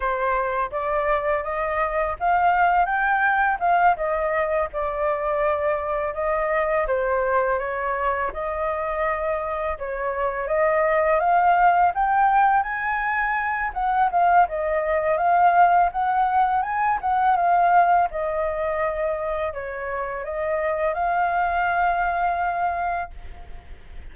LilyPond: \new Staff \with { instrumentName = "flute" } { \time 4/4 \tempo 4 = 83 c''4 d''4 dis''4 f''4 | g''4 f''8 dis''4 d''4.~ | d''8 dis''4 c''4 cis''4 dis''8~ | dis''4. cis''4 dis''4 f''8~ |
f''8 g''4 gis''4. fis''8 f''8 | dis''4 f''4 fis''4 gis''8 fis''8 | f''4 dis''2 cis''4 | dis''4 f''2. | }